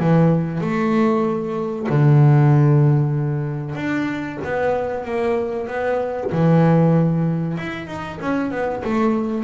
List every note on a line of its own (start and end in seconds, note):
0.00 0.61 E3
0.61 1.87 A3
1.89 3.76 D3
3.76 4.39 D4
4.44 5.05 B3
5.05 5.68 A#3
5.68 6.31 B3
6.32 7.58 E3
7.58 7.87 E4
7.87 8.19 D#4
8.21 8.52 C#4
8.52 8.83 B3
8.84 9.44 A3